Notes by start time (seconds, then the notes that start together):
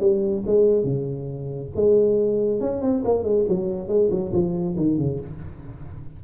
0.00 G3
0.46 G#3
0.84 C#3
1.76 G#3
2.60 C#4
2.82 C4
3.05 A#3
3.24 G#3
3.48 F#3
3.88 G#3
4.11 F#3
4.33 F3
4.77 D#3
4.98 C#3